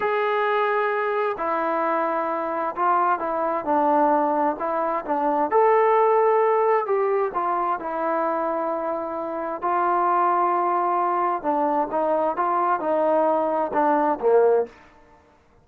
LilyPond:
\new Staff \with { instrumentName = "trombone" } { \time 4/4 \tempo 4 = 131 gis'2. e'4~ | e'2 f'4 e'4 | d'2 e'4 d'4 | a'2. g'4 |
f'4 e'2.~ | e'4 f'2.~ | f'4 d'4 dis'4 f'4 | dis'2 d'4 ais4 | }